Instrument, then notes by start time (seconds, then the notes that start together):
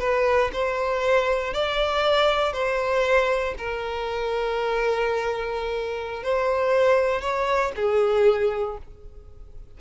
violin
0.00 B4
0.53 C5
1.54 D5
2.53 C5
3.58 A#4
6.24 C5
7.22 C#5
7.76 G#4